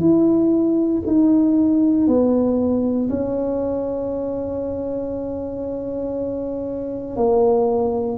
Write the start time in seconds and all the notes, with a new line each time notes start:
0.00 E4
1.06 D#4
2.07 B3
3.09 C#4
7.16 A#3